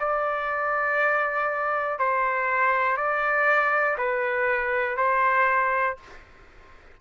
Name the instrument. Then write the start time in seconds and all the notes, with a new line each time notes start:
trumpet
0.00 D5
2.00 C5
2.97 D5
3.98 B4
4.97 C5